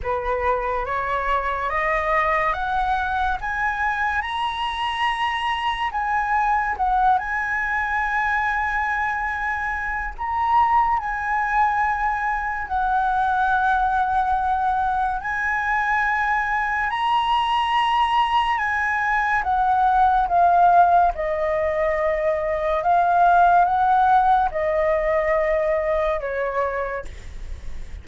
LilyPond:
\new Staff \with { instrumentName = "flute" } { \time 4/4 \tempo 4 = 71 b'4 cis''4 dis''4 fis''4 | gis''4 ais''2 gis''4 | fis''8 gis''2.~ gis''8 | ais''4 gis''2 fis''4~ |
fis''2 gis''2 | ais''2 gis''4 fis''4 | f''4 dis''2 f''4 | fis''4 dis''2 cis''4 | }